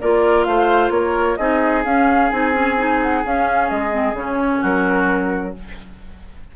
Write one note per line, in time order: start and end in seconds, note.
0.00 0.46 A#3
0.00 1.38 F4
0.00 0.46 A#4
0.00 0.43 D5
0.43 0.90 A3
0.43 0.93 C5
0.43 0.90 F5
0.90 1.36 A#3
0.90 1.38 A#4
0.90 1.36 C#5
1.36 1.85 C4
1.36 1.84 D#4
1.36 4.60 G#4
1.36 1.82 D#5
1.84 2.31 C#4
1.84 2.30 F5
2.30 3.24 C4
2.30 2.52 D#4
2.30 2.99 G#5
2.52 2.75 C#4
2.77 3.23 D#4
3.02 3.25 F#5
3.24 3.70 C#4
3.24 3.90 C#4
3.24 3.69 F5
3.69 4.12 G#3
3.69 4.15 D#5
3.90 4.13 C4
4.12 4.59 C#3
4.12 5.54 C#4
4.12 4.64 C#5
4.60 5.55 F#3
4.60 5.52 F#4
4.60 5.56 A#4